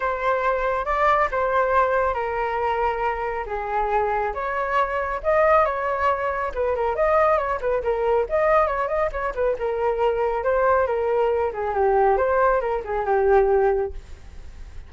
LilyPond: \new Staff \with { instrumentName = "flute" } { \time 4/4 \tempo 4 = 138 c''2 d''4 c''4~ | c''4 ais'2. | gis'2 cis''2 | dis''4 cis''2 b'8 ais'8 |
dis''4 cis''8 b'8 ais'4 dis''4 | cis''8 dis''8 cis''8 b'8 ais'2 | c''4 ais'4. gis'8 g'4 | c''4 ais'8 gis'8 g'2 | }